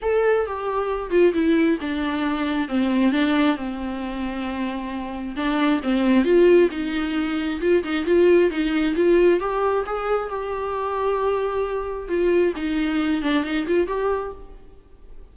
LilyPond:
\new Staff \with { instrumentName = "viola" } { \time 4/4 \tempo 4 = 134 a'4 g'4. f'8 e'4 | d'2 c'4 d'4 | c'1 | d'4 c'4 f'4 dis'4~ |
dis'4 f'8 dis'8 f'4 dis'4 | f'4 g'4 gis'4 g'4~ | g'2. f'4 | dis'4. d'8 dis'8 f'8 g'4 | }